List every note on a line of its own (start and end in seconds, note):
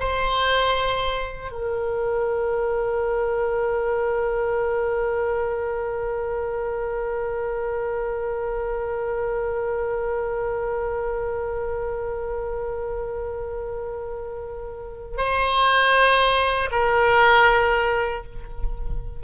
0.00 1.51 C5
1.51 15.18 A#4
15.18 16.70 C5
16.72 18.23 A#4